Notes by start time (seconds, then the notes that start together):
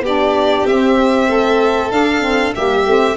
0.00 B3 D4 G4 D5
0.65 C4 E5
1.28 A3 A4
1.91 D4 F5
2.20 C4
2.55 G3 A#3 G4 E5
2.86 A3 C4